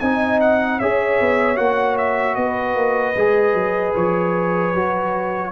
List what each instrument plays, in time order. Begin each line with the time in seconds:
0.00 tuba C4, trombone D#4, horn D#5, trumpet G#5
0.41 trumpet F#5
0.78 tuba C#4, trombone G#4, horn C#5, trumpet E5
1.21 tuba B3
1.57 tuba A#3, trombone F#4, trumpet F#5
1.98 trumpet E5
2.36 tuba B3, horn B4, trumpet D#5
2.76 tuba A#3
3.16 tuba G#3, trombone G#4
3.54 tuba F#3
3.96 tuba F3, trumpet C#5
4.75 tuba F#3, trombone F#4